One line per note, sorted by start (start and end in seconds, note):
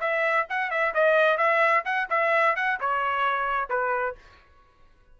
0.00 0.46 E5
0.49 0.70 F#5
0.70 0.93 E5
0.94 1.37 D#5
1.37 1.83 E5
1.85 2.08 F#5
2.10 2.56 E5
2.56 2.79 F#5
2.80 3.69 C#5
3.69 4.15 B4